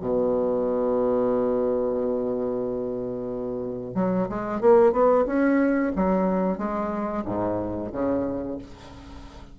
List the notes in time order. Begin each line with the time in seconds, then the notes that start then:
0.00 B2
3.94 F#3
4.29 G#3
4.60 A#3
4.92 B3
5.26 C#4
5.95 F#3
6.58 G#3
7.24 G#2
7.92 C#3